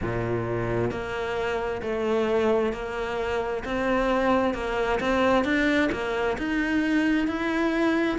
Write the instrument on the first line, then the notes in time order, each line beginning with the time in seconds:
cello
0.01 A#2
0.90 A#3
1.82 A3
2.72 A#3
3.64 C4
4.54 A#3
5.00 C4
5.44 D4
5.91 A#3
6.38 D#4
7.27 E4